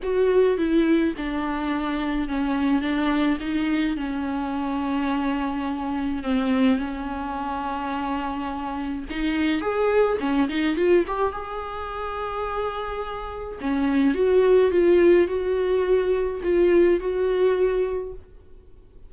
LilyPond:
\new Staff \with { instrumentName = "viola" } { \time 4/4 \tempo 4 = 106 fis'4 e'4 d'2 | cis'4 d'4 dis'4 cis'4~ | cis'2. c'4 | cis'1 |
dis'4 gis'4 cis'8 dis'8 f'8 g'8 | gis'1 | cis'4 fis'4 f'4 fis'4~ | fis'4 f'4 fis'2 | }